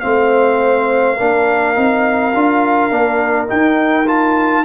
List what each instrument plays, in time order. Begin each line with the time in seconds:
0.00 tuba A3, trombone C4, horn C5, trumpet F5
1.18 tuba A#3, trombone D4, horn A#4
1.75 tuba C4, trombone D#4
2.34 tuba D4, trombone F4
2.91 tuba A#3, trombone D4
3.47 trombone D#4, tuba D#4, trumpet G5
4.06 trombone F4, trumpet A5